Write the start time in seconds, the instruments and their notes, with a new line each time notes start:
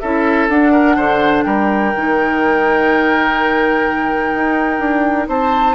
0.00 bassoon C#4, clarinet E4, oboe A4, flute E5
0.49 clarinet D4, bassoon D4, flute F#5
0.72 oboe A#4
0.96 bassoon D3, oboe C5
1.43 bassoon G3, oboe A#4, flute G5
1.95 bassoon D#3, clarinet D#4
4.34 bassoon D#4
4.79 bassoon D4
5.28 bassoon C4, oboe C5, flute A5